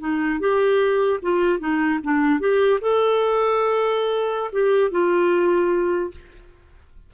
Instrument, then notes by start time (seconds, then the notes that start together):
clarinet
0.00 D#4
0.40 G4
1.22 F4
1.59 D#4
2.03 D4
2.40 G4
2.81 A4
4.52 G4
4.91 F4